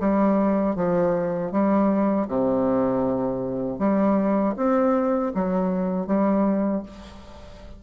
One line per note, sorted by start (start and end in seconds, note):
0.00 0.76 G3
0.76 1.52 F3
1.52 2.28 G3
2.28 3.79 C3
3.79 4.55 G3
4.56 5.32 C4
5.34 6.07 F#3
6.07 6.83 G3